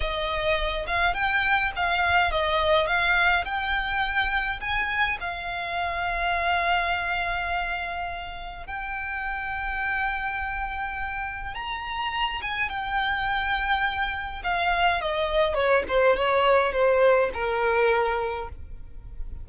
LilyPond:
\new Staff \with { instrumentName = "violin" } { \time 4/4 \tempo 4 = 104 dis''4. f''8 g''4 f''4 | dis''4 f''4 g''2 | gis''4 f''2.~ | f''2. g''4~ |
g''1 | ais''4. gis''8 g''2~ | g''4 f''4 dis''4 cis''8 c''8 | cis''4 c''4 ais'2 | }